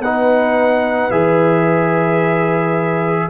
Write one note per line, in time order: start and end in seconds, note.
0.00 1.09 B3
0.00 1.12 D#4
0.00 3.30 B4
0.00 1.11 F#5
1.11 3.29 E3
1.11 3.30 G#4
1.11 3.29 E5